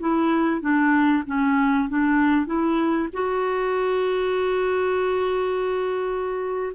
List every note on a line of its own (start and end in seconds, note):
0.00 0.61 E4
0.61 1.24 D4
1.26 1.89 C#4
1.89 2.46 D4
2.46 3.09 E4
3.13 6.72 F#4